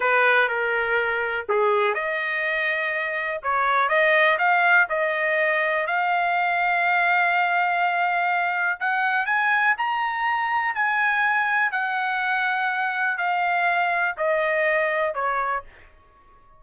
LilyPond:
\new Staff \with { instrumentName = "trumpet" } { \time 4/4 \tempo 4 = 123 b'4 ais'2 gis'4 | dis''2. cis''4 | dis''4 f''4 dis''2 | f''1~ |
f''2 fis''4 gis''4 | ais''2 gis''2 | fis''2. f''4~ | f''4 dis''2 cis''4 | }